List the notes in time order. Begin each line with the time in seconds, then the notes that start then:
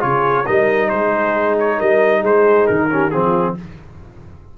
0.00 C#3 F4 G#4 C#5
0.45 G3 D#4 A#4 D#5
0.89 G#3 G#4 C5
1.59 C#5
1.78 G3 A#4 D#5
2.19 G#3 G#4 C5
2.67 D#3 A#4
2.90 C#4 G4
3.10 F3 C4 F4 G#4